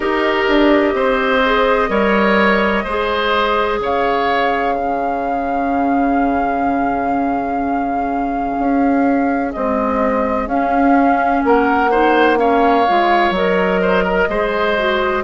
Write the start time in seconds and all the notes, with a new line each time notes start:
0.00 D#4 G4 A#4 D#5
0.47 D4
0.94 C4 C5
1.44 G#4
1.88 G3 A#4 C#5
2.84 G#3 G#4 C5
3.80 C#3 C#5 F5
4.75 C#4 G#4
8.58 C#4
9.52 G#3 C4 D#5
10.46 C#4 F5
11.44 A#3 A#4 F#5
11.90 D#4 C5
12.36 C#4 C#5 F5
12.87 G#3 F4
13.30 F#3 A#4 D#5
13.81 C5
14.04 A#4
14.28 G#3 G#4 C5
14.77 F#4